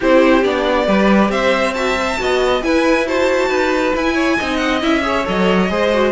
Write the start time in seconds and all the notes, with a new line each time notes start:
0.00 C4 E4 G4 C5
0.43 B3 D4 D5
0.86 G3 G4 B4
1.28 C4 C5 E5
1.73 F#4 E5 A5
1.98 C5
2.17 B3 F#4 D#5
2.61 E4 B4 G#5
3.06 F#4 C5 A5
3.47 D#4 B4
3.94 E4 G#5
4.14 C#5
4.37 C4 D#4 D#5
4.56 F#5
4.81 C#4 E4 E5
5.02 G#4 C#5
5.24 F#3 A4 D#5
5.69 G#3 G#4 C5
5.93 F#4